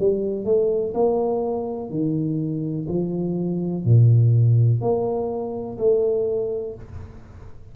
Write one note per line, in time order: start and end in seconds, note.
0.00 0.45 G3
0.45 0.94 A3
0.95 1.90 A#3
1.90 2.87 D#3
2.89 3.85 F3
3.85 4.82 A#2
4.82 5.78 A#3
5.78 6.75 A3